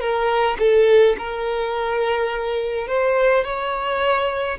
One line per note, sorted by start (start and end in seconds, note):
0.00 0.57 A#4
0.59 1.16 A4
1.18 2.87 A#4
2.87 3.44 C5
3.44 4.58 C#5